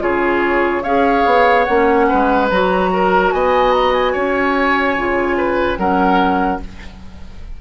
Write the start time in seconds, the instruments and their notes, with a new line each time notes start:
0.00 bassoon C#3, clarinet F4, oboe G#4, flute C#5
0.83 bassoon C#4, clarinet G#4, oboe C#5, flute F5
1.26 bassoon B3
1.64 bassoon A#3, clarinet C#4, flute F#5
2.09 bassoon G#3, oboe B4
2.50 bassoon F#3, clarinet F#4, flute A#5
2.93 oboe A#4
3.32 bassoon B3, oboe D#5, flute G#5
3.72 flute A#5
3.93 flute G#5
4.13 bassoon C#4, oboe C#5
4.97 bassoon C#3, clarinet F4
5.37 oboe B4
5.78 bassoon F#3, clarinet C#4, oboe A#4, flute F#5